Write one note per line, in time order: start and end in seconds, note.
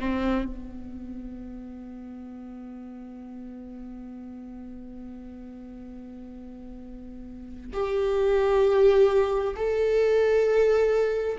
0.00 0.45 C4
0.45 7.72 B3
7.73 9.55 G4
9.56 11.38 A4